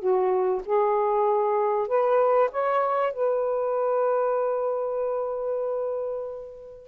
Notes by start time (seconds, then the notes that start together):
0.00 F#4
0.66 G#4
1.88 B4
2.52 C#5
3.14 B4